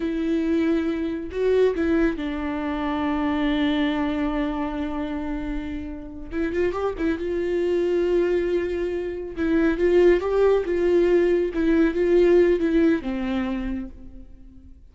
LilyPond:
\new Staff \with { instrumentName = "viola" } { \time 4/4 \tempo 4 = 138 e'2. fis'4 | e'4 d'2.~ | d'1~ | d'2~ d'8 e'8 f'8 g'8 |
e'8 f'2.~ f'8~ | f'4. e'4 f'4 g'8~ | g'8 f'2 e'4 f'8~ | f'4 e'4 c'2 | }